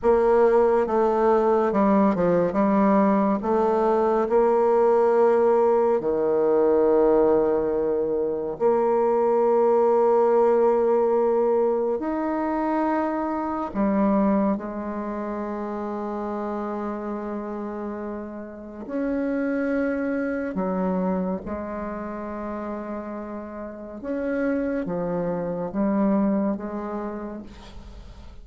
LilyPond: \new Staff \with { instrumentName = "bassoon" } { \time 4/4 \tempo 4 = 70 ais4 a4 g8 f8 g4 | a4 ais2 dis4~ | dis2 ais2~ | ais2 dis'2 |
g4 gis2.~ | gis2 cis'2 | fis4 gis2. | cis'4 f4 g4 gis4 | }